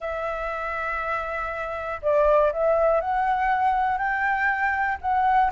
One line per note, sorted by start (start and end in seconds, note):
0.00 2.00 E5
2.02 2.52 D5
2.52 3.00 E5
3.00 3.97 F#5
3.97 4.97 G5
5.01 5.51 F#5